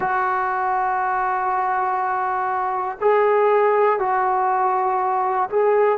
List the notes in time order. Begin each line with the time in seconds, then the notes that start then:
0.00 F#4
3.00 G#4
3.99 F#4
5.50 G#4